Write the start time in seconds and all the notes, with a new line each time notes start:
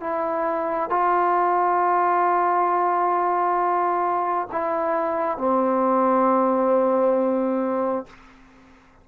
0.00 E4
0.90 F4
4.51 E4
5.37 C4